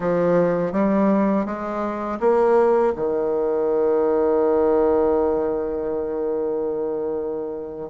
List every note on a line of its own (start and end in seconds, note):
0.00 0.72 F3
0.72 1.45 G3
1.45 2.18 G#3
2.20 2.93 A#3
2.96 7.90 D#3